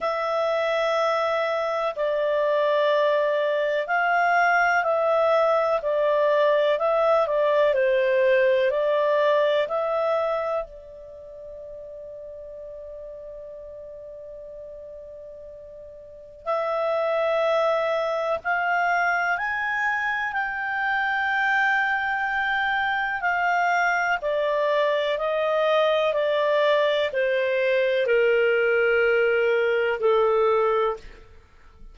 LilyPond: \new Staff \with { instrumentName = "clarinet" } { \time 4/4 \tempo 4 = 62 e''2 d''2 | f''4 e''4 d''4 e''8 d''8 | c''4 d''4 e''4 d''4~ | d''1~ |
d''4 e''2 f''4 | gis''4 g''2. | f''4 d''4 dis''4 d''4 | c''4 ais'2 a'4 | }